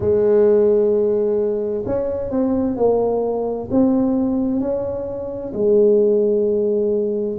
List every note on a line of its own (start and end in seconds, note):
0.00 1.84 G#3
1.86 2.30 C#4
2.30 2.76 C4
2.76 3.68 A#3
3.70 4.60 C4
4.60 5.52 C#4
5.53 7.38 G#3